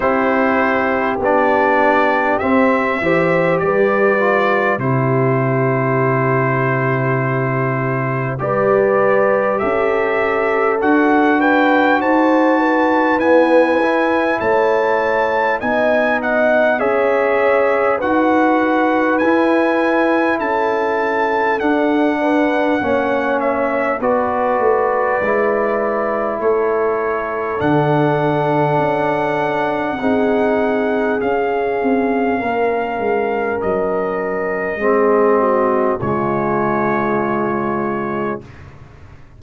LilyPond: <<
  \new Staff \with { instrumentName = "trumpet" } { \time 4/4 \tempo 4 = 50 c''4 d''4 e''4 d''4 | c''2. d''4 | e''4 fis''8 g''8 a''4 gis''4 | a''4 gis''8 fis''8 e''4 fis''4 |
gis''4 a''4 fis''4. e''8 | d''2 cis''4 fis''4~ | fis''2 f''2 | dis''2 cis''2 | }
  \new Staff \with { instrumentName = "horn" } { \time 4/4 g'2~ g'8 c''8 b'4 | g'2. b'4 | a'4. b'8 c''8 b'4. | cis''4 dis''4 cis''4 b'4~ |
b'4 a'4. b'8 cis''4 | b'2 a'2~ | a'4 gis'2 ais'4~ | ais'4 gis'8 fis'8 f'2 | }
  \new Staff \with { instrumentName = "trombone" } { \time 4/4 e'4 d'4 c'8 g'4 f'8 | e'2. g'4~ | g'4 fis'2 b8 e'8~ | e'4 dis'4 gis'4 fis'4 |
e'2 d'4 cis'4 | fis'4 e'2 d'4~ | d'4 dis'4 cis'2~ | cis'4 c'4 gis2 | }
  \new Staff \with { instrumentName = "tuba" } { \time 4/4 c'4 b4 c'8 e8 g4 | c2. g4 | cis'4 d'4 dis'4 e'4 | a4 b4 cis'4 dis'4 |
e'4 cis'4 d'4 ais4 | b8 a8 gis4 a4 d4 | cis'4 c'4 cis'8 c'8 ais8 gis8 | fis4 gis4 cis2 | }
>>